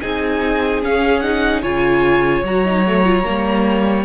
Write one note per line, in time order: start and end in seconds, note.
0.00 0.85 C4
0.00 0.82 D#4
0.00 1.62 G#4
0.00 0.81 G#5
0.82 1.23 C#4
0.82 1.63 C#4
0.82 1.20 F5
1.20 1.63 D#4
1.20 1.61 F#5
1.62 2.43 C#3
1.62 2.44 F4
1.62 4.04 C#5
1.62 2.44 G#5
2.43 3.24 F#3
2.43 2.65 F#4
2.43 4.04 A#5
2.65 2.85 D#4
2.86 3.05 A3
3.05 3.24 F4
3.24 4.04 G3
3.24 4.04 A#3